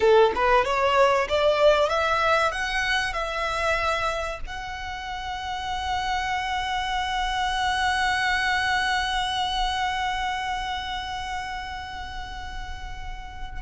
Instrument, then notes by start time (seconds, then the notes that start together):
violin
0.00 A4
0.35 B4
0.64 C#5
1.28 D5
1.89 E5
2.51 F#5
3.13 E5
4.46 F#5